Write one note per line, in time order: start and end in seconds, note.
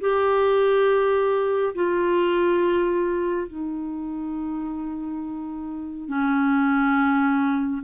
0.00 1.74 G4
1.74 3.47 F4
3.47 6.08 D#4
6.08 7.82 C#4